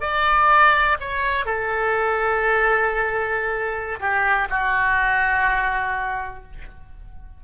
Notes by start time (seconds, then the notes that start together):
0.00 D5
1.00 C#5
1.45 A4
3.99 G4
4.49 F#4